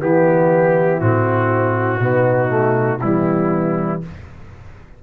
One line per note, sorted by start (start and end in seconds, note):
0.00 1.01 E3
0.00 1.00 B3
0.00 2.00 E4
0.00 1.00 G4
1.00 2.00 A2
1.00 2.00 C4
1.00 3.00 F#4
2.00 3.00 B2
2.00 2.48 B3
2.00 3.00 D#4
2.48 2.98 A3
3.01 4.03 E3
3.01 4.02 G3
3.01 4.02 B3
3.01 4.01 E4